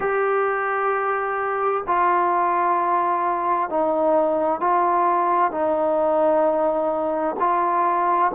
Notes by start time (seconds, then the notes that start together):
0.00 G4
1.87 F4
3.69 D#4
4.60 F4
5.51 D#4
7.39 F4